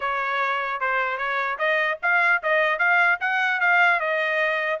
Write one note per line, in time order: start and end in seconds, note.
0.00 0.80 C#5
0.80 1.17 C5
1.17 1.57 C#5
1.58 1.98 D#5
2.02 2.42 F5
2.42 2.78 D#5
2.78 3.18 F5
3.20 3.60 F#5
3.60 4.00 F5
4.00 4.80 D#5